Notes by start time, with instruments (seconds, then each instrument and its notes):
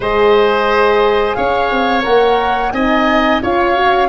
0.00 tuba G#3, horn G#4, oboe C5, flute D#5
1.34 tuba C#4, oboe C#5, flute F5
1.70 tuba C4
2.03 tuba A#3, horn A#4, flute F#5
2.71 tuba C4, horn D#4, oboe D#5, flute G#5
3.42 tuba C#4, horn F4, oboe C#5, flute F5
3.74 horn F#4